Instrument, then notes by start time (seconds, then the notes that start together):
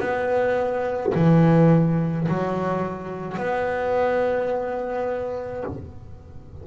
double bass
0.00 B3
1.15 E3
2.28 F#3
3.37 B3